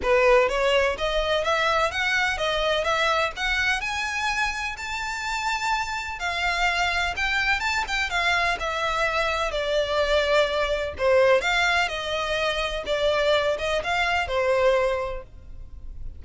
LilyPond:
\new Staff \with { instrumentName = "violin" } { \time 4/4 \tempo 4 = 126 b'4 cis''4 dis''4 e''4 | fis''4 dis''4 e''4 fis''4 | gis''2 a''2~ | a''4 f''2 g''4 |
a''8 g''8 f''4 e''2 | d''2. c''4 | f''4 dis''2 d''4~ | d''8 dis''8 f''4 c''2 | }